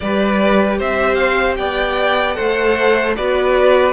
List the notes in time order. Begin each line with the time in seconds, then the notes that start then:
0.00 G3 G4 B4 D5
0.78 C4 C5 E5
1.14 F5
1.56 B3 D5 G5
2.33 A3 A4 C5 F#5
3.15 B3 F#4 B4 D5